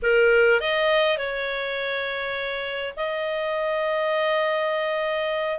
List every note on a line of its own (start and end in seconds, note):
0.02 0.60 A#4
0.60 1.17 D#5
1.17 2.94 C#5
2.96 5.59 D#5